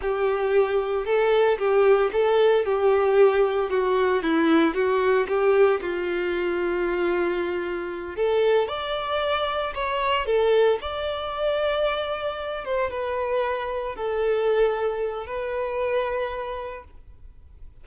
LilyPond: \new Staff \with { instrumentName = "violin" } { \time 4/4 \tempo 4 = 114 g'2 a'4 g'4 | a'4 g'2 fis'4 | e'4 fis'4 g'4 f'4~ | f'2.~ f'8 a'8~ |
a'8 d''2 cis''4 a'8~ | a'8 d''2.~ d''8 | c''8 b'2 a'4.~ | a'4 b'2. | }